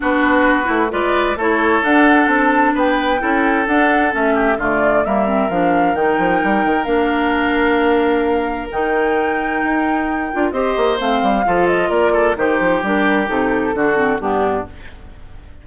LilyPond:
<<
  \new Staff \with { instrumentName = "flute" } { \time 4/4 \tempo 4 = 131 b'2 d''4 cis''4 | fis''4 a''4 g''2 | fis''4 e''4 d''4 e''4 | f''4 g''2 f''4~ |
f''2. g''4~ | g''2. dis''4 | f''4. dis''8 d''4 c''4 | ais'4 a'2 g'4 | }
  \new Staff \with { instrumentName = "oboe" } { \time 4/4 fis'2 b'4 a'4~ | a'2 b'4 a'4~ | a'4. g'8 f'4 ais'4~ | ais'1~ |
ais'1~ | ais'2. c''4~ | c''4 a'4 ais'8 a'8 g'4~ | g'2 fis'4 d'4 | }
  \new Staff \with { instrumentName = "clarinet" } { \time 4/4 d'4. e'8 f'4 e'4 | d'2. e'4 | d'4 cis'4 a4 ais8 c'8 | d'4 dis'2 d'4~ |
d'2. dis'4~ | dis'2~ dis'8 f'8 g'4 | c'4 f'2 dis'4 | d'4 dis'4 d'8 c'8 b4 | }
  \new Staff \with { instrumentName = "bassoon" } { \time 4/4 b4. a8 gis4 a4 | d'4 c'4 b4 cis'4 | d'4 a4 d4 g4 | f4 dis8 f8 g8 dis8 ais4~ |
ais2. dis4~ | dis4 dis'4. d'8 c'8 ais8 | a8 g8 f4 ais4 dis8 f8 | g4 c4 d4 g,4 | }
>>